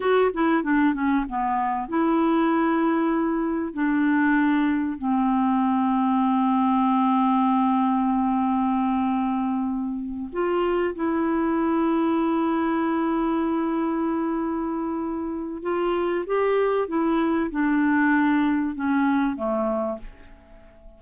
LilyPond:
\new Staff \with { instrumentName = "clarinet" } { \time 4/4 \tempo 4 = 96 fis'8 e'8 d'8 cis'8 b4 e'4~ | e'2 d'2 | c'1~ | c'1~ |
c'8 f'4 e'2~ e'8~ | e'1~ | e'4 f'4 g'4 e'4 | d'2 cis'4 a4 | }